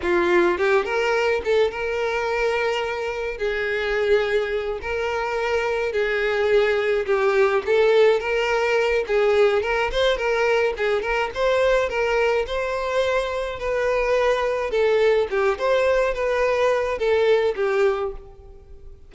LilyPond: \new Staff \with { instrumentName = "violin" } { \time 4/4 \tempo 4 = 106 f'4 g'8 ais'4 a'8 ais'4~ | ais'2 gis'2~ | gis'8 ais'2 gis'4.~ | gis'8 g'4 a'4 ais'4. |
gis'4 ais'8 c''8 ais'4 gis'8 ais'8 | c''4 ais'4 c''2 | b'2 a'4 g'8 c''8~ | c''8 b'4. a'4 g'4 | }